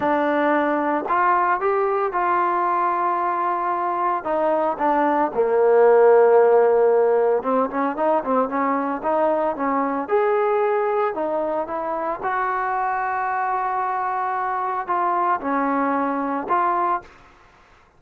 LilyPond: \new Staff \with { instrumentName = "trombone" } { \time 4/4 \tempo 4 = 113 d'2 f'4 g'4 | f'1 | dis'4 d'4 ais2~ | ais2 c'8 cis'8 dis'8 c'8 |
cis'4 dis'4 cis'4 gis'4~ | gis'4 dis'4 e'4 fis'4~ | fis'1 | f'4 cis'2 f'4 | }